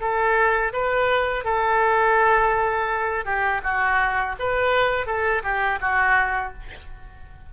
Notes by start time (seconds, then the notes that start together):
0.00 A4
0.72 B4
1.44 A4
3.25 G4
3.63 F#4
4.39 B4
5.06 A4
5.43 G4
5.81 F#4